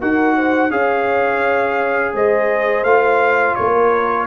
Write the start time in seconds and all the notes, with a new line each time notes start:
0.00 D#4 F#4 A#4 F#5
0.36 C5
0.71 C#4 G#4 C#5 F5
2.13 G#3 C5 D#5
2.83 A3 F4 F5
3.55 A#3 A#4 C#5